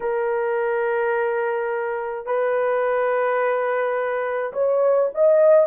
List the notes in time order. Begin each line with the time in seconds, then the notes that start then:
0.00 A#4
2.26 B4
4.53 C#5
5.14 D#5